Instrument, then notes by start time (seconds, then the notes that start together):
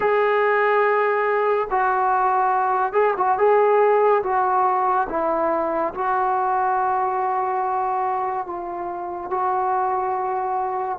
trombone
0.00 G#4
1.70 F#4
2.92 G#4
3.17 F#4
3.38 G#4
4.23 F#4
5.09 E4
5.94 F#4
8.46 F4
9.30 F#4